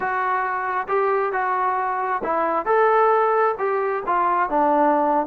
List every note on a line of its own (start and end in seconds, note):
0.00 0.87 F#4
0.88 1.32 G4
1.32 2.22 F#4
2.23 2.65 E4
2.65 3.55 A4
3.58 4.03 G4
4.06 4.49 F4
4.49 5.26 D4